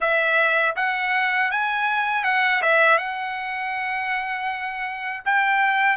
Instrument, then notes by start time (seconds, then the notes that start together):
trumpet
0.00 E5
0.76 F#5
1.51 G#5
2.24 F#5
2.62 E5
2.98 F#5
5.25 G5